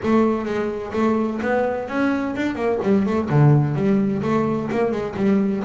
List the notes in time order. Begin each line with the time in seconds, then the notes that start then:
0.03 A3
0.45 G#3
0.92 A3
1.41 B3
1.88 C#4
2.35 D4
2.55 A#3
2.83 G3
3.06 A3
3.29 D3
3.75 G3
4.22 A3
4.71 A#3
4.91 G#3
5.16 G3